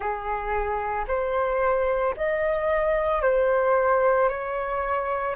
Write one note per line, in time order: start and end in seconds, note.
0.00 1.05 G#4
1.07 2.14 C5
2.16 3.21 D#5
3.21 4.29 C5
4.29 5.36 C#5